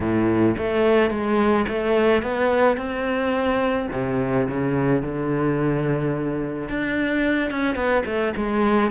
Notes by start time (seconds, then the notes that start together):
0.00 A2
0.57 A3
1.10 G#3
1.67 A3
2.22 B3
2.77 C4
3.92 C3
4.48 C#3
5.02 D3
6.68 D4
7.50 C#4
7.75 B3
8.05 A3
8.36 G#3